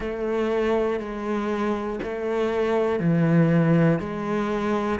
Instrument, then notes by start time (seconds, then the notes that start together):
cello
0.00 A3
0.99 G#3
2.03 A3
2.99 E3
3.99 G#3